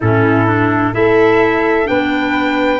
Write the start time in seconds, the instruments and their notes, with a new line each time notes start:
0.00 tuba A2, clarinet C#4, flute E4, trumpet A4
0.46 clarinet D4
0.92 tuba A3, clarinet E4, flute A4, trumpet E5
1.85 tuba B3, clarinet D4, flute B4, trumpet G5